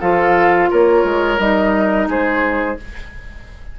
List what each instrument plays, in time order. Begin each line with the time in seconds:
0.00 bassoon F3, clarinet F4, oboe A4, flute F5
0.70 bassoon A#3, oboe A#4, flute C#5
1.04 bassoon G#3
1.38 bassoon G3, clarinet D#4, flute D#5
2.07 bassoon G#3, oboe G#4, flute C5